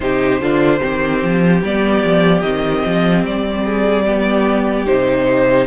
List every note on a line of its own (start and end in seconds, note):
0.00 0.40 C3
0.00 0.41 D#4
0.00 0.41 G4
0.00 1.60 C5
0.40 0.80 D3
0.40 0.81 D4
0.40 0.79 F4
0.79 1.23 D#3
0.79 1.62 C4
0.79 3.63 G4
1.23 1.62 F3
1.62 2.03 G3
1.62 2.44 B3
1.62 2.41 D5
2.03 2.42 F3
2.41 2.83 D#3
2.41 4.06 C4
2.41 3.22 D#5
2.85 3.24 F3
3.24 4.86 G3
3.24 4.86 D5
3.65 4.05 G#4
4.06 4.86 B3
4.06 5.66 G4
4.86 5.66 C3
4.86 5.66 D#4
4.86 5.66 C5